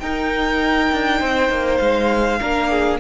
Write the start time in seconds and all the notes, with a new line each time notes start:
0.00 D#4 A#4 G5
0.92 D4
1.20 C4 C5
1.50 A#3
1.78 G#3 F5
2.40 A#3 D4 A#4
2.71 G#4